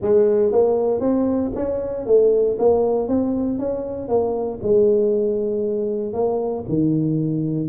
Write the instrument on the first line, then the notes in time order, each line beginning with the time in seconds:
tuba
0.01 G#3
0.52 A#3
1.00 C4
1.55 C#4
2.06 A3
2.58 A#3
3.08 C4
3.58 C#4
4.08 A#3
4.62 G#3
6.13 A#3
6.68 D#3